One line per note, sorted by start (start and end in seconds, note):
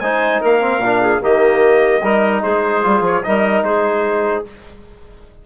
0.00 0.41 G#3
0.00 0.61 D#4
0.00 0.41 C5
0.00 0.40 G#5
0.41 0.78 A#3
0.41 1.01 A#4
0.41 1.23 F5
0.61 0.81 C4
0.78 1.18 A#2
0.78 1.21 D4
1.01 1.22 G#4
1.21 2.02 D#3
1.21 2.01 A#3
1.21 2.01 G4
1.21 2.43 D#5
2.01 2.42 G3
2.01 2.83 D#4
2.01 2.41 A#4
2.42 2.85 G#3
2.42 3.23 G#4
2.42 3.03 C5
2.83 3.01 G3
2.83 3.23 F4
3.01 3.21 F3
3.01 3.23 C#5
3.23 3.63 G3
3.23 4.44 D#4
3.23 3.65 A#4
3.23 3.64 D#5
3.63 4.44 G#3
3.63 4.46 G#4
3.63 4.44 C5